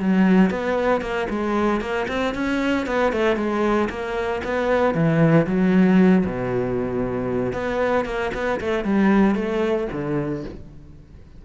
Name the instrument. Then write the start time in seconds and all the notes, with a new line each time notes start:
cello
0.00 F#3
0.51 B3
1.02 A#3
1.30 G#3
1.81 A#3
2.08 C4
2.35 C#4
2.87 B3
3.13 A3
3.37 G#3
3.90 A#3
4.44 B3
4.95 E3
5.47 F#3
6.26 B2
7.53 B3
8.06 A#3
8.34 B3
8.61 A3
8.85 G3
9.36 A3
9.92 D3